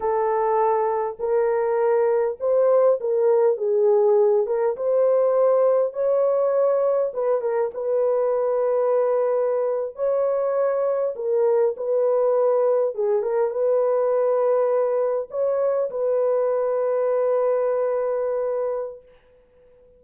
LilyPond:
\new Staff \with { instrumentName = "horn" } { \time 4/4 \tempo 4 = 101 a'2 ais'2 | c''4 ais'4 gis'4. ais'8 | c''2 cis''2 | b'8 ais'8 b'2.~ |
b'8. cis''2 ais'4 b'16~ | b'4.~ b'16 gis'8 ais'8 b'4~ b'16~ | b'4.~ b'16 cis''4 b'4~ b'16~ | b'1 | }